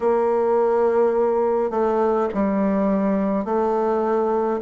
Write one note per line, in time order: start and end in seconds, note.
0.00 1.70 A#3
1.70 2.28 A3
2.34 3.45 G3
3.45 4.60 A3